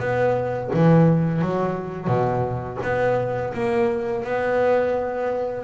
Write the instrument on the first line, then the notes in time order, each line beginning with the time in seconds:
double bass
0.00 B3
0.74 E3
1.42 F#3
2.08 B2
2.83 B3
3.54 A#3
4.24 B3